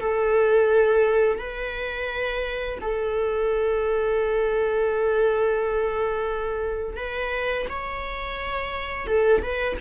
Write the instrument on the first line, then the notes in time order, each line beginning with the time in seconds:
viola
0.00 A4
1.39 B4
2.81 A4
6.96 B4
7.69 C#5
9.07 A4
9.42 B4